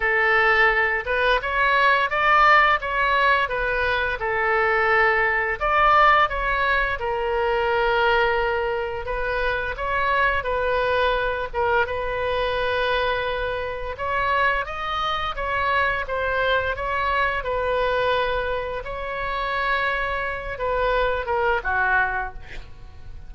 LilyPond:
\new Staff \with { instrumentName = "oboe" } { \time 4/4 \tempo 4 = 86 a'4. b'8 cis''4 d''4 | cis''4 b'4 a'2 | d''4 cis''4 ais'2~ | ais'4 b'4 cis''4 b'4~ |
b'8 ais'8 b'2. | cis''4 dis''4 cis''4 c''4 | cis''4 b'2 cis''4~ | cis''4. b'4 ais'8 fis'4 | }